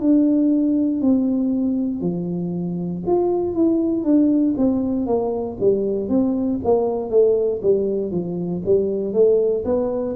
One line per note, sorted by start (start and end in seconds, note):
0.00 1.02 D4
1.02 2.01 C4
2.01 3.03 F3
3.07 3.54 F4
3.54 4.04 E4
4.04 4.55 D4
4.58 5.07 C4
5.07 5.57 A#3
5.60 6.09 G3
6.09 6.60 C4
6.64 7.10 A#3
7.10 7.61 A3
7.62 8.12 G3
8.12 8.63 F3
8.66 9.13 G3
9.13 9.64 A3
9.65 10.16 B3